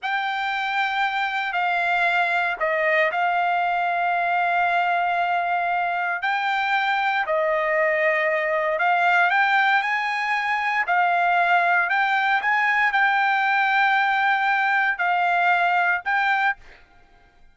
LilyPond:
\new Staff \with { instrumentName = "trumpet" } { \time 4/4 \tempo 4 = 116 g''2. f''4~ | f''4 dis''4 f''2~ | f''1 | g''2 dis''2~ |
dis''4 f''4 g''4 gis''4~ | gis''4 f''2 g''4 | gis''4 g''2.~ | g''4 f''2 g''4 | }